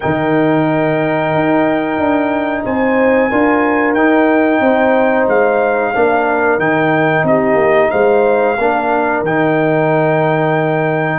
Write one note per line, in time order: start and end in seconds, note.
0.00 1.34 D#3
0.00 3.31 D#4
0.00 2.62 A#4
0.00 2.64 G5
1.34 1.98 D#4
1.98 2.64 D4
2.64 3.30 C4
2.64 3.29 C5
2.64 3.94 G#5
3.29 3.93 D4
3.29 3.97 F4
3.29 4.61 A#4
3.93 4.59 D#4
3.93 5.94 D#4
3.93 5.25 G5
4.60 5.26 C4
4.60 5.94 C5
5.27 5.93 G#3
5.27 6.59 F5
5.94 6.58 A#3
5.94 6.59 D4
5.94 7.27 A#4
6.58 7.23 D#3
6.58 8.57 D#4
6.58 7.25 G5
7.23 7.55 C4
7.23 7.90 G4
7.23 7.90 D#5
7.55 7.88 A#3
7.90 8.58 G#3
7.90 8.56 C5
7.90 9.22 F5
8.58 9.21 A#3
8.58 9.25 D4
8.58 11.19 A#4
9.21 11.19 D#3
9.21 11.19 D#4
9.21 11.19 G5